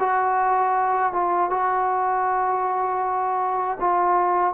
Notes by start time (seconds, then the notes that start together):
0.00 F#4
1.13 F4
1.51 F#4
3.80 F4